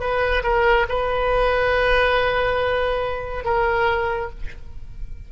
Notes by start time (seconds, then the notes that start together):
0.00 B4
0.44 A#4
0.89 B4
3.44 A#4